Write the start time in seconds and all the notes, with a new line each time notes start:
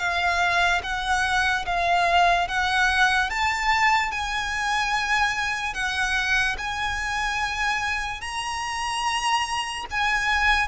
0.00 F5
0.84 F#5
1.66 F5
2.48 F#5
3.30 A5
4.12 G#5
5.75 F#5
6.58 G#5
8.22 A#5
9.91 G#5